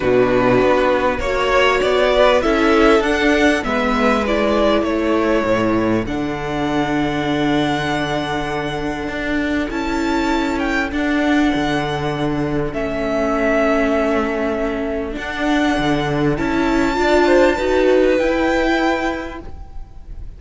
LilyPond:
<<
  \new Staff \with { instrumentName = "violin" } { \time 4/4 \tempo 4 = 99 b'2 cis''4 d''4 | e''4 fis''4 e''4 d''4 | cis''2 fis''2~ | fis''1 |
a''4. g''8 fis''2~ | fis''4 e''2.~ | e''4 fis''2 a''4~ | a''2 g''2 | }
  \new Staff \with { instrumentName = "violin" } { \time 4/4 fis'2 cis''4. b'8 | a'2 b'2 | a'1~ | a'1~ |
a'1~ | a'1~ | a'1 | d''8 c''8 b'2. | }
  \new Staff \with { instrumentName = "viola" } { \time 4/4 d'2 fis'2 | e'4 d'4 b4 e'4~ | e'2 d'2~ | d'1 |
e'2 d'2~ | d'4 cis'2.~ | cis'4 d'2 e'4 | f'4 fis'4 e'2 | }
  \new Staff \with { instrumentName = "cello" } { \time 4/4 b,4 b4 ais4 b4 | cis'4 d'4 gis2 | a4 a,4 d2~ | d2. d'4 |
cis'2 d'4 d4~ | d4 a2.~ | a4 d'4 d4 cis'4 | d'4 dis'4 e'2 | }
>>